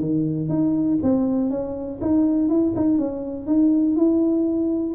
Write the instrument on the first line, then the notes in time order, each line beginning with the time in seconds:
tuba
0.00 D#3
0.49 D#4
1.03 C4
1.50 C#4
2.02 D#4
2.49 E4
2.76 D#4
2.98 C#4
3.47 D#4
3.96 E4